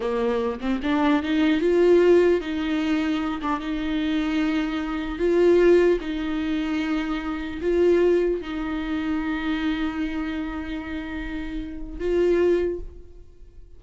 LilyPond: \new Staff \with { instrumentName = "viola" } { \time 4/4 \tempo 4 = 150 ais4. c'8 d'4 dis'4 | f'2 dis'2~ | dis'8 d'8 dis'2.~ | dis'4 f'2 dis'4~ |
dis'2. f'4~ | f'4 dis'2.~ | dis'1~ | dis'2 f'2 | }